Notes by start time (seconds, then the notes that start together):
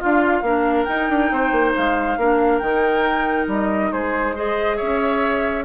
0.00 D4 F4 F5
0.43 A#3 D4 A#4
0.85 D#4 G5
1.10 D4
1.32 C4 C5
1.52 A#3
1.76 G#3 F5
2.18 A#3 D4 A#4
2.59 D#3 D#4 G5
3.48 G3 D#5
3.93 G#3 G#4 C5
4.36 G#4 C5 D#5
4.77 C#4 C#5 E5